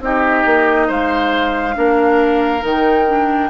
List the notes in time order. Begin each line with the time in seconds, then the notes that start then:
0.00 C4 D#4 G4 D#5
0.45 A#3
0.87 G#3 C5 F5
1.74 A#3 D4 A#4
2.60 D#3 D#4 G5
3.07 D4